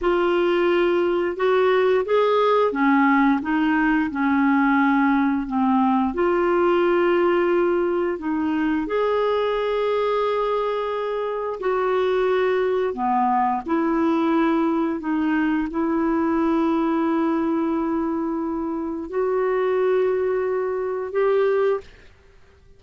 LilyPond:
\new Staff \with { instrumentName = "clarinet" } { \time 4/4 \tempo 4 = 88 f'2 fis'4 gis'4 | cis'4 dis'4 cis'2 | c'4 f'2. | dis'4 gis'2.~ |
gis'4 fis'2 b4 | e'2 dis'4 e'4~ | e'1 | fis'2. g'4 | }